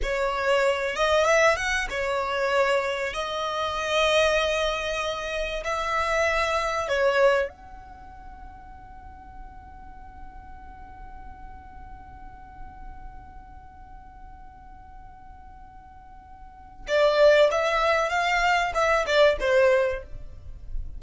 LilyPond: \new Staff \with { instrumentName = "violin" } { \time 4/4 \tempo 4 = 96 cis''4. dis''8 e''8 fis''8 cis''4~ | cis''4 dis''2.~ | dis''4 e''2 cis''4 | fis''1~ |
fis''1~ | fis''1~ | fis''2. d''4 | e''4 f''4 e''8 d''8 c''4 | }